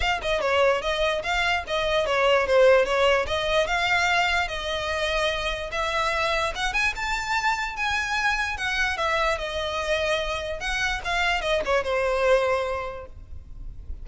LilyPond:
\new Staff \with { instrumentName = "violin" } { \time 4/4 \tempo 4 = 147 f''8 dis''8 cis''4 dis''4 f''4 | dis''4 cis''4 c''4 cis''4 | dis''4 f''2 dis''4~ | dis''2 e''2 |
fis''8 gis''8 a''2 gis''4~ | gis''4 fis''4 e''4 dis''4~ | dis''2 fis''4 f''4 | dis''8 cis''8 c''2. | }